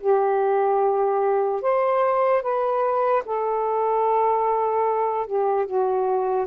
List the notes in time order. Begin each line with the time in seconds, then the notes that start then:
0.00 G4
1.61 C5
2.42 B4
3.25 A4
5.27 G4
5.66 F#4